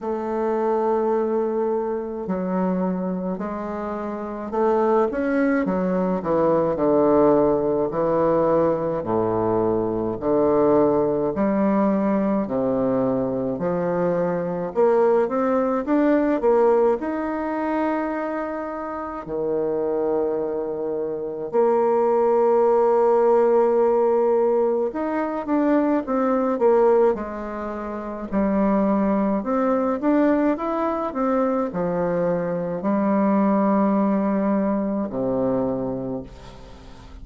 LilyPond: \new Staff \with { instrumentName = "bassoon" } { \time 4/4 \tempo 4 = 53 a2 fis4 gis4 | a8 cis'8 fis8 e8 d4 e4 | a,4 d4 g4 c4 | f4 ais8 c'8 d'8 ais8 dis'4~ |
dis'4 dis2 ais4~ | ais2 dis'8 d'8 c'8 ais8 | gis4 g4 c'8 d'8 e'8 c'8 | f4 g2 c4 | }